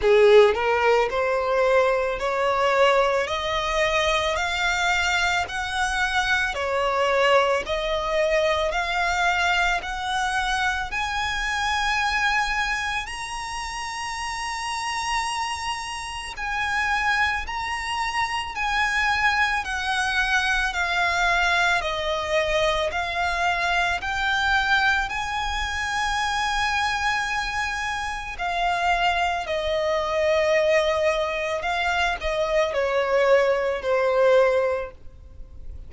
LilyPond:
\new Staff \with { instrumentName = "violin" } { \time 4/4 \tempo 4 = 55 gis'8 ais'8 c''4 cis''4 dis''4 | f''4 fis''4 cis''4 dis''4 | f''4 fis''4 gis''2 | ais''2. gis''4 |
ais''4 gis''4 fis''4 f''4 | dis''4 f''4 g''4 gis''4~ | gis''2 f''4 dis''4~ | dis''4 f''8 dis''8 cis''4 c''4 | }